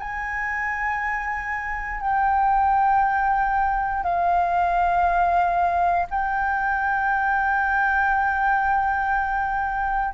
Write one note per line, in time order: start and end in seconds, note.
0.00 2.01 G#5
2.01 4.04 G5
4.04 6.07 F5
6.11 10.15 G5